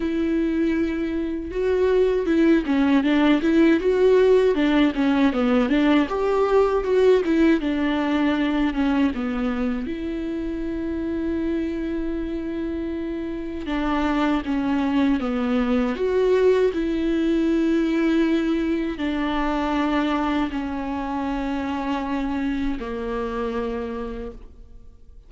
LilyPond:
\new Staff \with { instrumentName = "viola" } { \time 4/4 \tempo 4 = 79 e'2 fis'4 e'8 cis'8 | d'8 e'8 fis'4 d'8 cis'8 b8 d'8 | g'4 fis'8 e'8 d'4. cis'8 | b4 e'2.~ |
e'2 d'4 cis'4 | b4 fis'4 e'2~ | e'4 d'2 cis'4~ | cis'2 ais2 | }